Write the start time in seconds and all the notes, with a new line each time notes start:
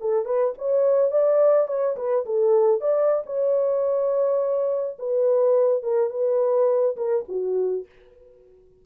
0.00 A4
0.25 B4
0.58 C#5
1.11 D5
1.67 C#5
1.96 B4
2.25 A4
2.81 D5
3.25 C#5
4.98 B4
5.82 A#4
6.10 B4
6.96 A#4
7.28 F#4